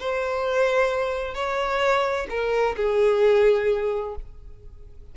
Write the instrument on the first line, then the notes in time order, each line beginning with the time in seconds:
violin
0.00 C5
1.34 C#5
2.29 A#4
2.76 G#4